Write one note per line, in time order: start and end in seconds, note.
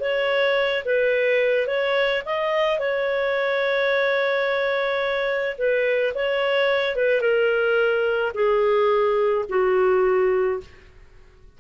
0.00 0.83 C#5
0.85 1.67 B4
1.67 2.22 C#5
2.25 2.79 D#5
2.79 5.57 C#5
5.58 6.13 B4
6.14 6.96 C#5
6.96 7.21 B4
7.21 8.32 A#4
8.34 9.45 G#4
9.49 10.60 F#4